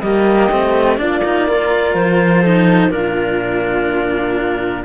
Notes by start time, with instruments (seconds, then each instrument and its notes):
0.00 cello G3 A#3, flute G4, clarinet D#5
0.51 cello A3 C4
0.97 cello A#3 D4, flute F4, clarinet D5
1.24 cello D#4
1.48 cello F4, flute A#4
1.94 cello F3, clarinet C5
2.42 cello D#4, flute A4
2.90 cello A#2 D4, flute F4, clarinet A#4